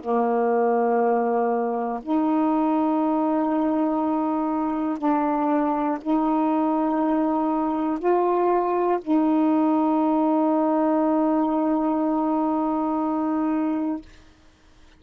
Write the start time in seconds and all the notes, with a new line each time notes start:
0.00 A#3
2.02 D#4
4.98 D4
6.00 D#4
7.99 F4
9.01 D#4